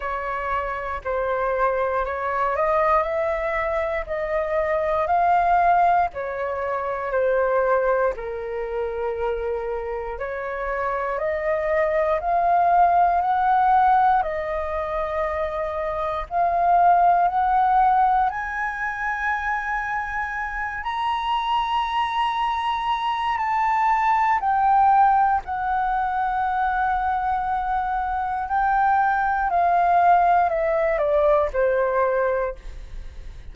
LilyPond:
\new Staff \with { instrumentName = "flute" } { \time 4/4 \tempo 4 = 59 cis''4 c''4 cis''8 dis''8 e''4 | dis''4 f''4 cis''4 c''4 | ais'2 cis''4 dis''4 | f''4 fis''4 dis''2 |
f''4 fis''4 gis''2~ | gis''8 ais''2~ ais''8 a''4 | g''4 fis''2. | g''4 f''4 e''8 d''8 c''4 | }